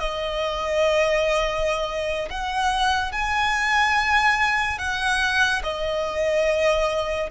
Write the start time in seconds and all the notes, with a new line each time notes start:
0.00 D#5
2.30 F#5
3.12 G#5
4.79 F#5
5.64 D#5